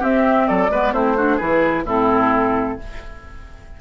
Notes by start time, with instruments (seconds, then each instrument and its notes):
0.00 clarinet C4, bassoon C4, oboe G4, flute E5
0.48 bassoon F#3, oboe A4, flute D5
0.70 bassoon G#3, clarinet B3, oboe B4
0.93 bassoon A3, clarinet C4, oboe E4, flute C5
1.17 clarinet D4, oboe F#4
1.37 bassoon E3, clarinet E4, oboe G#4, flute B4
1.85 bassoon A2, clarinet C4, oboe E4, flute A4